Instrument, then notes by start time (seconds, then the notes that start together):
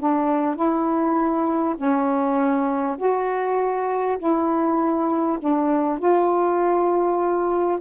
saxophone
0.00 D4
0.56 E4
1.77 C#4
2.98 F#4
4.19 E4
5.39 D4
5.99 F4